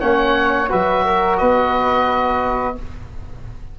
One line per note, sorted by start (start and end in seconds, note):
0.00 0.71 A#3
0.00 0.68 C#4
0.00 0.70 C#5
0.00 0.69 F#5
0.68 1.41 F#3
0.68 2.75 F#4
0.68 1.04 B4
0.68 1.37 E5
1.05 1.40 A#4
1.37 2.79 B3
1.37 2.77 B4
1.37 2.75 D#5